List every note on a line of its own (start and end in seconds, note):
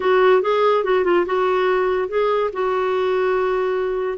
0.00 0.42 F#4
0.42 0.84 G#4
0.84 1.04 F#4
1.04 1.25 F4
1.25 2.08 F#4
2.08 2.50 G#4
2.52 4.17 F#4